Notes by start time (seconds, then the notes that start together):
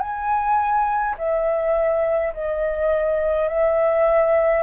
0.00 G#5
1.18 E5
2.34 D#5
3.49 E5